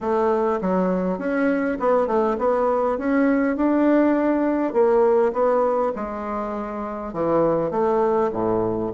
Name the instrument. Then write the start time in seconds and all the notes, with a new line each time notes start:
bassoon
0.00 A3
0.61 F#3
1.18 C#4
1.79 B3
2.07 A3
2.38 B3
2.98 C#4
3.56 D4
4.73 A#3
5.32 B3
5.95 G#3
7.13 E3
7.70 A3
8.32 A2